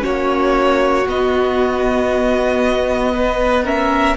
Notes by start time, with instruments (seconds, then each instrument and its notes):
0.00 cello A#3, viola C#4, violin F#4 C#5
1.07 cello B3, viola B3, violin D#5
3.13 violin B4
3.64 viola C#4, violin A#4 E5